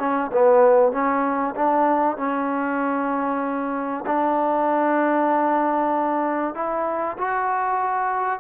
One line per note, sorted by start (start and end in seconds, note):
0.00 0.31 C#4
0.33 0.93 B3
0.93 1.55 C#4
1.56 2.18 D4
2.18 4.05 C#4
4.07 6.55 D4
6.55 7.18 E4
7.18 8.40 F#4